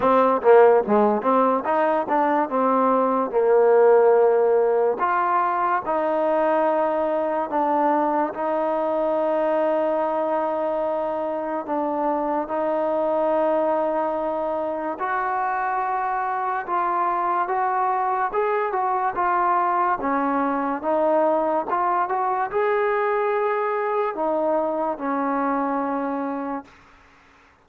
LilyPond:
\new Staff \with { instrumentName = "trombone" } { \time 4/4 \tempo 4 = 72 c'8 ais8 gis8 c'8 dis'8 d'8 c'4 | ais2 f'4 dis'4~ | dis'4 d'4 dis'2~ | dis'2 d'4 dis'4~ |
dis'2 fis'2 | f'4 fis'4 gis'8 fis'8 f'4 | cis'4 dis'4 f'8 fis'8 gis'4~ | gis'4 dis'4 cis'2 | }